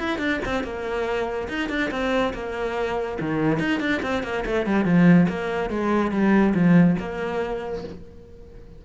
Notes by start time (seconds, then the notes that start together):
0.00 E4
0.19 D4
0.46 C4
0.64 A#3
1.49 D#4
1.70 D4
1.91 C4
2.34 A#3
3.21 D#3
3.60 D#4
3.81 D4
4.03 C4
4.24 A#3
4.46 A3
4.67 G3
4.86 F3
5.30 A#3
5.70 G#3
6.12 G3
6.55 F3
7.00 A#3